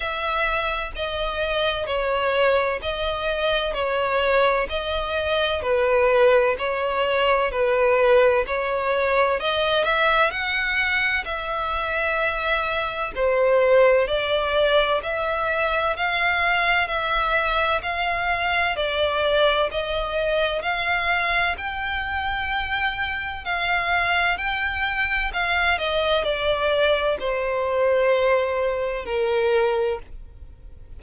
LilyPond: \new Staff \with { instrumentName = "violin" } { \time 4/4 \tempo 4 = 64 e''4 dis''4 cis''4 dis''4 | cis''4 dis''4 b'4 cis''4 | b'4 cis''4 dis''8 e''8 fis''4 | e''2 c''4 d''4 |
e''4 f''4 e''4 f''4 | d''4 dis''4 f''4 g''4~ | g''4 f''4 g''4 f''8 dis''8 | d''4 c''2 ais'4 | }